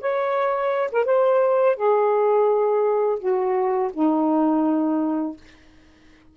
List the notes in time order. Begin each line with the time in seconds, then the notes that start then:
0.00 C#5
0.91 A#4
1.05 C5
1.76 G#4
3.19 F#4
3.93 D#4